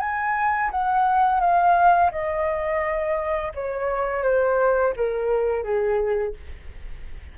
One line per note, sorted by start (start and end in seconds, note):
0.00 0.71 G#5
0.71 1.41 F#5
1.41 2.11 F5
2.11 3.53 D#5
3.55 4.23 C#5
4.23 4.94 C5
4.96 5.64 A#4
5.64 6.34 G#4